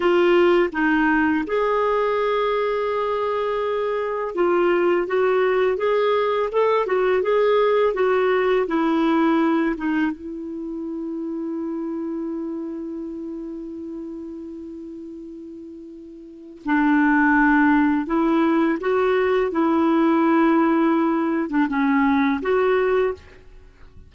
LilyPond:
\new Staff \with { instrumentName = "clarinet" } { \time 4/4 \tempo 4 = 83 f'4 dis'4 gis'2~ | gis'2 f'4 fis'4 | gis'4 a'8 fis'8 gis'4 fis'4 | e'4. dis'8 e'2~ |
e'1~ | e'2. d'4~ | d'4 e'4 fis'4 e'4~ | e'4.~ e'16 d'16 cis'4 fis'4 | }